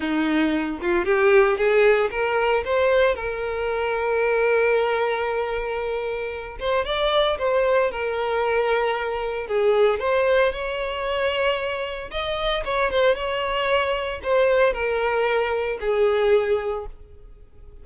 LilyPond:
\new Staff \with { instrumentName = "violin" } { \time 4/4 \tempo 4 = 114 dis'4. f'8 g'4 gis'4 | ais'4 c''4 ais'2~ | ais'1~ | ais'8 c''8 d''4 c''4 ais'4~ |
ais'2 gis'4 c''4 | cis''2. dis''4 | cis''8 c''8 cis''2 c''4 | ais'2 gis'2 | }